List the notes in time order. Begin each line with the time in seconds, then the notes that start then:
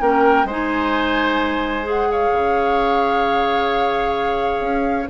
0.00 A#3 C#4 A#4 G5
0.44 G#3 D#4 C5 G#5
1.82 G#4
1.89 F#5
2.11 C#5 F5
2.32 C#3
4.60 C#4